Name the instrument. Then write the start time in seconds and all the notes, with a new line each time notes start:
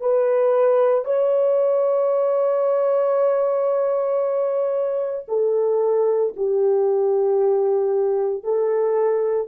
horn
0.00 B4
1.04 C#5
5.28 A4
6.36 G4
8.43 A4